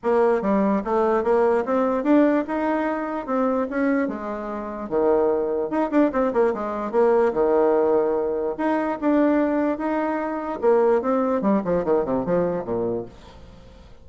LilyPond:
\new Staff \with { instrumentName = "bassoon" } { \time 4/4 \tempo 4 = 147 ais4 g4 a4 ais4 | c'4 d'4 dis'2 | c'4 cis'4 gis2 | dis2 dis'8 d'8 c'8 ais8 |
gis4 ais4 dis2~ | dis4 dis'4 d'2 | dis'2 ais4 c'4 | g8 f8 dis8 c8 f4 ais,4 | }